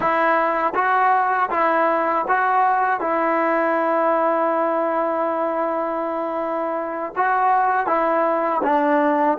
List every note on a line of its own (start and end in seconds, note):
0.00 0.73 E4
0.74 1.49 F#4
1.50 2.25 E4
2.28 3.00 F#4
3.00 7.12 E4
7.16 7.86 F#4
7.86 8.61 E4
8.62 9.38 D4